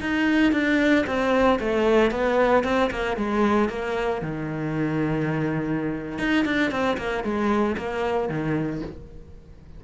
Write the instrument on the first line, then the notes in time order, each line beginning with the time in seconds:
cello
0.00 D#4
0.52 D4
1.06 C4
1.59 A3
2.11 B3
2.63 C4
2.90 A#3
3.16 G#3
3.69 A#3
4.22 D#3
6.18 D#4
6.44 D4
6.71 C4
6.97 A#3
7.23 G#3
7.77 A#3
8.29 D#3